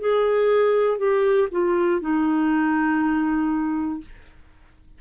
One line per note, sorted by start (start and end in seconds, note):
0.00 0.98 G#4
0.98 1.48 G4
1.51 2.01 F4
2.01 4.01 D#4